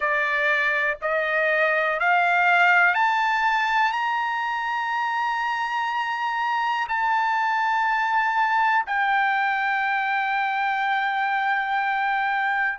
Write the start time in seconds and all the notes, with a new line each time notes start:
0.00 D5
1.01 D#5
1.99 F5
2.94 A5
3.92 A#5
6.88 A5
8.86 G5